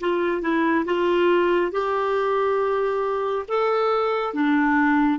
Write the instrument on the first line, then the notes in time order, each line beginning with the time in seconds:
clarinet
0.00 F4
0.42 E4
0.85 F4
1.72 G4
3.48 A4
4.34 D4